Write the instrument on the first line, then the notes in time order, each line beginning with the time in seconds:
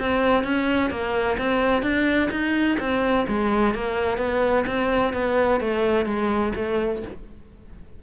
cello
0.00 C4
0.44 C#4
0.91 A#3
1.38 C4
1.83 D4
2.31 D#4
2.80 C4
3.28 G#3
3.75 A#3
4.18 B3
4.67 C4
5.14 B3
5.61 A3
6.06 G#3
6.56 A3